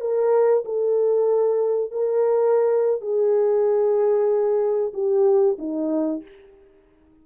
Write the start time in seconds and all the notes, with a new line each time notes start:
0.00 A#4
0.65 A4
1.91 A#4
3.01 G#4
4.93 G4
5.58 D#4